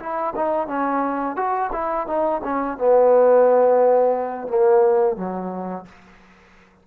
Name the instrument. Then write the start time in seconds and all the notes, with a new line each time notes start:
trombone
0.00 E4
0.36 D#4
0.68 C#4
1.37 F#4
1.73 E4
2.08 D#4
2.45 C#4
2.78 B3
4.48 A#3
5.17 F#3